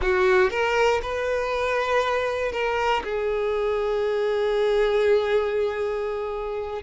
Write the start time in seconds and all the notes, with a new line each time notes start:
0.01 F#4
0.50 A#4
1.02 B4
2.52 A#4
3.04 G#4